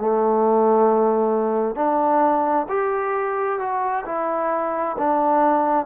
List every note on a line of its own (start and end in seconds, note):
0.00 1.76 A3
1.76 2.67 D4
2.69 3.60 G4
3.60 4.05 F#4
4.06 4.97 E4
4.98 5.86 D4